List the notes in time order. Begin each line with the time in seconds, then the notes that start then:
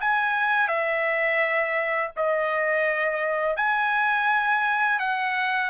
0.00 G#5
0.68 E5
2.16 D#5
3.56 G#5
4.99 F#5